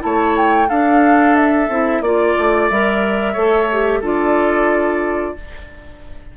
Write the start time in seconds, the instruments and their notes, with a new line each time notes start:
0.00 bassoon A3, clarinet E4, oboe C#5, flute A5
0.37 flute G5
0.69 bassoon D4, clarinet D4, oboe A4, flute F5
1.36 flute E5
1.69 bassoon C4, clarinet E4
2.01 bassoon A#3, clarinet F4, flute D5, oboe D5
2.38 bassoon A3
2.70 bassoon G3, clarinet A#4, flute E5
3.33 bassoon A3, clarinet A4, oboe C#5
3.72 clarinet G4
4.02 bassoon D4, clarinet F4, oboe A4, flute D5